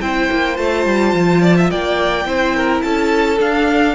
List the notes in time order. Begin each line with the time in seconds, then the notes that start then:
0.00 C4 E4 C5 G5
0.30 A#3
0.55 A3 F4 A5
0.85 G3
1.13 F3
1.41 D5
1.56 E5
1.70 A#3 D5 G5
2.25 C4 E4 C5
2.56 A#4
2.81 C#4 A4 A5
3.37 D4 F5